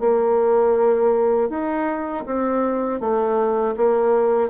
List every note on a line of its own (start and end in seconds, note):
0.00 1.50 A#3
1.50 2.25 D#4
2.26 3.00 C4
3.00 3.75 A3
3.77 4.50 A#3